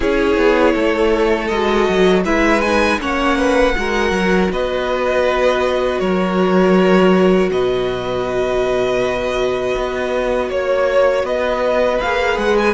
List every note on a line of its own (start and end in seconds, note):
0.00 0.36 C#4
0.00 1.50 E4
0.00 0.74 G#4
0.00 1.47 C#5
0.36 0.74 B3
0.74 1.50 A3
0.74 2.24 A4
1.47 1.88 G#3
1.47 2.25 F#4
1.47 2.22 D#5
1.88 2.24 F#3
2.24 2.99 G#3
2.24 2.62 E4
2.24 2.99 B4
2.24 2.61 E5
2.61 3.00 D#4
2.61 2.98 G#5
3.00 3.75 A#3
3.00 3.75 C#4
3.00 3.37 C#5
3.00 4.51 F#5
3.37 3.75 B4
3.75 4.11 G#3
3.75 12.00 F#4
3.75 4.51 A#4
4.11 4.48 F#3
4.50 6.00 B3
4.50 6.00 B4
4.50 5.99 D#5
5.99 7.50 F#3
5.99 7.50 A#4
5.99 7.49 C#5
7.50 9.75 B2
7.50 10.49 B4
7.50 10.51 D#5
9.76 10.49 B3
10.49 11.23 A#3
10.49 11.24 C#5
10.49 11.25 C#5
11.23 11.98 B3
11.23 12.74 B4
11.23 12.00 D#5
12.00 12.37 A#3
12.00 12.74 G#4
12.00 12.37 F5
12.37 12.74 G#3
12.37 12.56 F#5
12.58 12.74 G#5